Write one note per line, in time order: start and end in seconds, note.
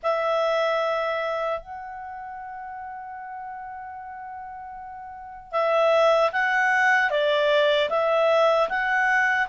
0.02 1.60 E5
1.60 5.52 F#5
5.52 6.31 E5
6.32 7.10 F#5
7.10 7.89 D5
7.89 8.68 E5
8.69 9.48 F#5